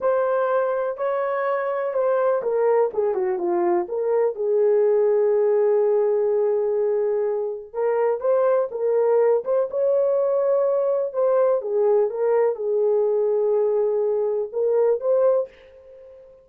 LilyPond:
\new Staff \with { instrumentName = "horn" } { \time 4/4 \tempo 4 = 124 c''2 cis''2 | c''4 ais'4 gis'8 fis'8 f'4 | ais'4 gis'2.~ | gis'1 |
ais'4 c''4 ais'4. c''8 | cis''2. c''4 | gis'4 ais'4 gis'2~ | gis'2 ais'4 c''4 | }